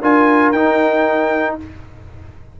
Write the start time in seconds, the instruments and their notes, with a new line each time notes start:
0.00 tuba D4, trombone F4, horn A#4, trumpet G#5
0.51 tuba D#4, trombone D#4, trumpet G5